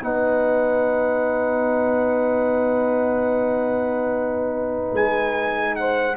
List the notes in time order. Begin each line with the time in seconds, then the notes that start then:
0.00 B3 D#4 B4 F#5
4.93 G#3 G#5
5.75 C5 F#5